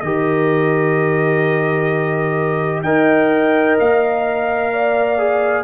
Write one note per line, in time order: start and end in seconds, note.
0.00 2.83 D#3
0.00 2.85 G4
0.00 2.84 A#4
0.00 2.81 D#5
2.83 3.77 D#4
2.83 5.18 A#4
2.83 4.71 D#5
2.83 3.76 G5
3.79 5.64 A#3
3.79 5.64 F5
4.72 5.64 D5
5.18 5.64 G#4